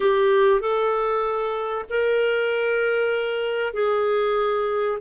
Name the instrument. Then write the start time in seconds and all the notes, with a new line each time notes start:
clarinet
0.00 G4
0.60 A4
1.89 A#4
3.73 G#4